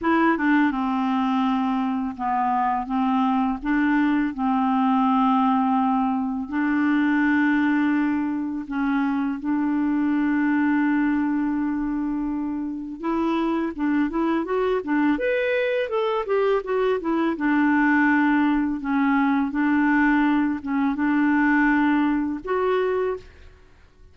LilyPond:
\new Staff \with { instrumentName = "clarinet" } { \time 4/4 \tempo 4 = 83 e'8 d'8 c'2 b4 | c'4 d'4 c'2~ | c'4 d'2. | cis'4 d'2.~ |
d'2 e'4 d'8 e'8 | fis'8 d'8 b'4 a'8 g'8 fis'8 e'8 | d'2 cis'4 d'4~ | d'8 cis'8 d'2 fis'4 | }